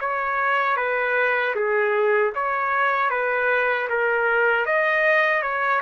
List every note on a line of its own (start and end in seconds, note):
0.00 0.77 C#5
0.77 1.54 B4
1.55 2.33 G#4
2.35 3.10 C#5
3.10 3.88 B4
3.89 4.66 A#4
4.66 5.42 D#5
5.42 5.81 C#5